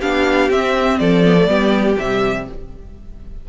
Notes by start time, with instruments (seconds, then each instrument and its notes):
0.00 cello B3, viola D4, violin G4 F5
0.51 cello C4, viola C4, violin E5
0.99 cello F3, violin A4 D5
1.25 viola B3
1.37 viola A3
1.48 cello G3, viola B3, violin G4
1.97 cello C3, viola G3, violin E5